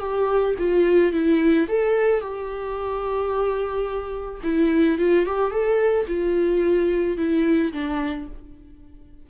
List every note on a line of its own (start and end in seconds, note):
0.00 0.55 G4
0.59 1.13 F4
1.13 1.68 E4
1.69 2.21 A4
2.21 4.41 G4
4.44 4.98 E4
4.98 5.26 F4
5.26 5.51 G4
5.51 6.06 A4
6.08 7.18 F4
7.18 7.73 E4
7.73 8.28 D4